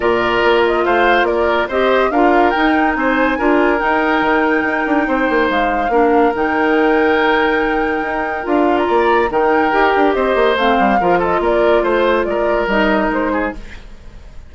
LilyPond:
<<
  \new Staff \with { instrumentName = "flute" } { \time 4/4 \tempo 4 = 142 d''4. dis''8 f''4 d''4 | dis''4 f''4 g''4 gis''4~ | gis''4 g''2.~ | g''4 f''2 g''4~ |
g''1 | f''8. ais''4~ ais''16 g''2 | dis''4 f''4. dis''8 d''4 | c''4 d''4 dis''4 c''4 | }
  \new Staff \with { instrumentName = "oboe" } { \time 4/4 ais'2 c''4 ais'4 | c''4 ais'2 c''4 | ais'1 | c''2 ais'2~ |
ais'1~ | ais'4 d''4 ais'2 | c''2 ais'8 a'8 ais'4 | c''4 ais'2~ ais'8 gis'8 | }
  \new Staff \with { instrumentName = "clarinet" } { \time 4/4 f'1 | g'4 f'4 dis'2 | f'4 dis'2.~ | dis'2 d'4 dis'4~ |
dis'1 | f'2 dis'4 g'4~ | g'4 c'4 f'2~ | f'2 dis'2 | }
  \new Staff \with { instrumentName = "bassoon" } { \time 4/4 ais,4 ais4 a4 ais4 | c'4 d'4 dis'4 c'4 | d'4 dis'4 dis4 dis'8 d'8 | c'8 ais8 gis4 ais4 dis4~ |
dis2. dis'4 | d'4 ais4 dis4 dis'8 d'8 | c'8 ais8 a8 g8 f4 ais4 | a4 gis4 g4 gis4 | }
>>